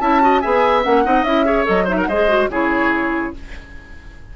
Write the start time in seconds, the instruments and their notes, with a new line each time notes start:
0.00 bassoon C#4, clarinet E4, oboe E5, flute A5
0.21 clarinet F#4, oboe D#5
0.40 bassoon B3, clarinet G#4, oboe E5, flute G#5
0.83 bassoon A#3, clarinet C#4, flute F#5
1.04 bassoon C4, clarinet D#4, oboe D#5
1.23 bassoon C#4, clarinet E4, flute E5
1.45 clarinet G#4, oboe C#5
1.64 bassoon F#3, clarinet A4, flute D#5
1.84 clarinet D#4, oboe C5, flute E5
1.97 oboe A#4, flute F#5
2.07 bassoon G#3, clarinet G#4, oboe C5, flute D#5
2.28 clarinet F#4
2.47 bassoon C#3, clarinet E4, oboe G#4, flute C#5